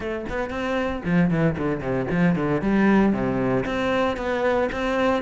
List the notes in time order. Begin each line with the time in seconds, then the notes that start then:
0.00 A3
0.29 B3
0.50 C4
1.05 F3
1.30 E3
1.57 D3
1.80 C3
2.10 F3
2.35 D3
2.61 G3
3.12 C3
3.65 C4
4.16 B3
4.71 C4